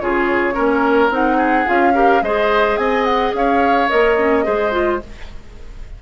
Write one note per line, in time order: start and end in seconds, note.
0.00 0.56 C#3
0.00 0.54 F4
0.00 0.54 G#4
0.00 1.11 C#5
0.54 1.10 A#3
0.54 1.10 C#4
0.54 1.37 A#4
1.10 1.66 C4
1.10 1.66 D#4
1.10 1.69 F#5
1.37 1.93 G#4
1.66 2.22 C#4
1.66 1.94 F4
1.66 2.23 F5
1.94 2.22 G4
1.94 2.22 A#4
2.22 2.77 G#3
2.22 3.89 G#4
2.22 2.80 C5
2.22 2.77 D#5
2.77 3.33 C4
2.77 3.36 D#5
2.77 3.05 G#5
3.05 3.32 F#5
3.34 3.89 C#4
3.34 4.45 C#5
3.34 3.89 F5
3.89 4.47 A#3
3.89 4.17 A#4
3.89 5.00 D#5
4.18 4.44 C#4
4.44 5.02 G#3
4.44 4.72 G#4
4.44 5.01 C5
4.72 4.99 F4